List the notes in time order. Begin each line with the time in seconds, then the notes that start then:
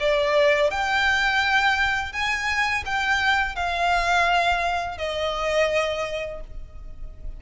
0.00 D5
0.70 G5
2.13 G#5
2.85 G5
3.56 F5
4.98 D#5